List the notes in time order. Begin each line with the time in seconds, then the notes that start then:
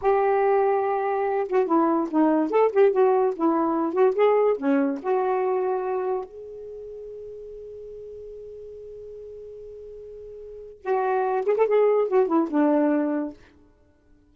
0.01 G4
1.48 F#4
1.66 E4
2.10 D#4
2.50 A4
2.72 G4
2.92 F#4
3.36 E4
3.93 F#4
4.15 G#4
4.57 C#4
5.02 F#4
6.24 G#4
10.81 F#4
11.46 G#4
11.56 A4
11.67 G#4
12.07 F#4
12.27 E4
12.50 D4